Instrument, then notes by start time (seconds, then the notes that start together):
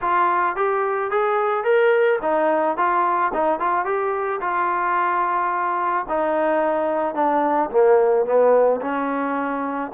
trombone
0.01 F4
0.56 G4
1.11 G#4
1.64 A#4
2.22 D#4
2.77 F4
3.33 D#4
3.59 F4
3.85 G4
4.40 F4
6.09 D#4
7.15 D4
7.70 A#3
8.25 B3
8.81 C#4